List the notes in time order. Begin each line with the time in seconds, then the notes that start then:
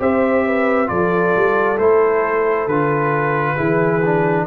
0.00 C4 G4 C5 E5
0.46 B4
0.87 F3 F4 A4 D5
1.36 G3
1.79 A3 E4 C5
2.67 D3 F4 B4
3.56 E3 E4 G#4
4.05 D4